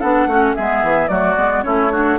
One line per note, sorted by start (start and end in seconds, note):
0.00 0.27 B3
0.00 0.29 D4
0.00 0.27 A4
0.00 0.55 F#5
0.27 0.54 A3
0.27 0.56 C#4
0.27 0.56 F#4
0.55 0.83 G#3
0.55 1.08 B3
0.55 1.10 G#4
0.55 1.08 E5
0.83 1.09 E3
1.08 1.36 F#3
1.08 1.36 A3
1.08 1.65 F#4
1.08 1.62 D5
1.37 1.64 G#3
1.37 1.63 B3
1.63 2.19 A3
1.63 1.90 C#4
1.63 1.92 E4
1.63 2.18 C#5
1.92 2.19 D4
1.92 2.19 F#4